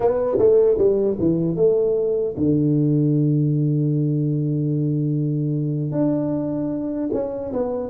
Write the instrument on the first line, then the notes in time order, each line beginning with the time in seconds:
tuba
0.00 B3
0.38 A3
0.78 G3
1.19 E3
1.56 A3
2.36 D3
5.91 D4
7.12 C#4
7.53 B3